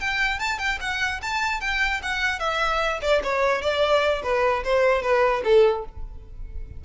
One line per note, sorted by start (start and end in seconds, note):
0.00 0.39 G5
0.39 0.58 A5
0.58 0.78 G5
0.80 1.21 F#5
1.22 1.60 A5
1.60 2.01 G5
2.02 2.39 F#5
2.39 2.99 E5
3.02 3.22 D5
3.23 3.61 C#5
3.61 4.22 D5
4.23 4.63 B4
4.64 5.02 C5
5.02 5.42 B4
5.44 5.84 A4